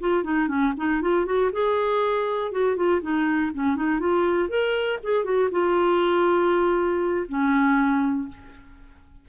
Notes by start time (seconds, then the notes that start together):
0.00 F4
0.24 D#4
0.48 C#4
0.77 D#4
1.02 F4
1.26 F#4
1.52 G#4
2.52 F#4
2.76 F4
3.02 D#4
3.54 C#4
3.76 D#4
3.99 F4
4.49 A#4
5.03 G#4
5.24 F#4
5.51 F4
7.28 C#4